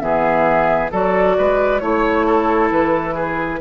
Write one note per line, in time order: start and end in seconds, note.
0.00 0.91 E3
0.00 0.90 B3
0.00 0.92 G#4
0.00 0.90 E5
0.92 1.37 F#3
0.92 1.81 F#4
0.92 1.36 A4
0.92 1.80 D5
1.38 1.82 G#3
1.38 1.82 B4
1.80 2.71 A3
1.80 3.60 E4
1.80 2.69 C#5
1.80 2.27 C#5
2.27 3.15 A4
2.71 3.61 E3
2.71 3.61 B4
3.15 3.60 G#4